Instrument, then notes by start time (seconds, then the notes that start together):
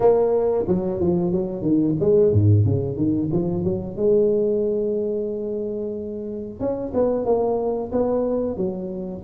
tuba
0.00 A#3
0.67 F#3
1.00 F3
1.32 F#3
1.62 D#3
1.99 G#3
2.32 G#2
2.65 C#3
2.97 D#3
3.32 F3
3.64 F#3
3.96 G#3
6.60 C#4
6.94 B3
7.25 A#3
7.92 B3
8.57 F#3